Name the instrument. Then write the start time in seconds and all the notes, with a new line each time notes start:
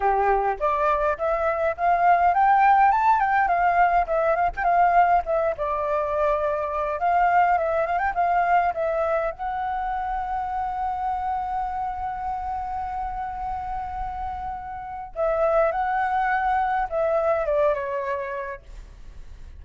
flute
0.00 G4
0.59 D5
1.18 E5
1.76 F5
2.34 G5
2.91 A5
3.19 G5
3.47 F5
4.06 E5
4.35 F5
4.56 G5
4.64 F5
5.25 E5
5.57 D5
6.99 F5
7.57 E5
7.86 F5
7.98 G5
8.14 F5
8.74 E5
9.31 F#5
15.15 E5
15.71 F#5
16.89 E5
17.45 D5
17.74 C#5